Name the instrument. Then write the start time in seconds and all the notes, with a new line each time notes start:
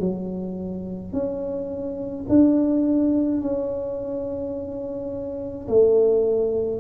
tuba
0.00 F#3
1.13 C#4
2.29 D4
3.41 C#4
5.68 A3